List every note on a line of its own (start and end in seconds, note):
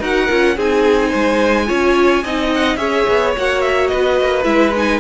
0.00 0.28 D#4
0.00 0.29 F#4
0.00 0.56 A#4
0.00 0.59 F#5
0.29 0.57 C#4
0.29 0.57 F4
0.56 1.13 C4
0.56 1.67 D#4
0.56 1.09 G#4
0.56 2.54 G#5
1.09 1.70 G#3
1.09 1.65 C5
1.67 2.25 C#4
1.67 2.23 F4
1.67 2.23 C#5
2.23 2.77 C4
2.23 2.78 D#4
2.23 2.79 D#5
2.54 2.77 F#5
2.77 3.05 C#4
2.77 3.33 G#4
2.77 3.91 C#5
2.77 3.32 E5
3.09 3.37 B3
3.37 3.93 A#3
3.37 4.44 F#4
3.37 3.61 F#5
3.61 3.88 E5
3.88 4.21 B3
3.88 5.01 B4
3.88 4.43 D#5
4.21 4.45 A#3
4.44 5.00 G#3
4.44 4.72 E4
4.44 4.72 E5
4.76 5.01 D#4
4.76 5.01 G#5